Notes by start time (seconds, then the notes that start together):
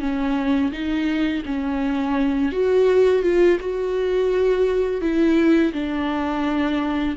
0.00 C#4
0.72 D#4
1.45 C#4
2.52 F#4
3.22 F4
3.60 F#4
5.01 E4
5.73 D4